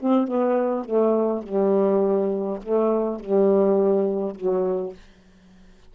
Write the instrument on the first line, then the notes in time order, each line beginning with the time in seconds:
saxophone
0.00 C4
0.27 B3
0.85 A3
1.43 G3
2.63 A3
3.20 G3
4.35 F#3